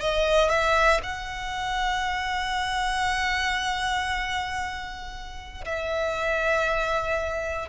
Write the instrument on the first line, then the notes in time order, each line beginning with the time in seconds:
violin
0.00 D#5
0.49 E5
1.03 F#5
5.65 E5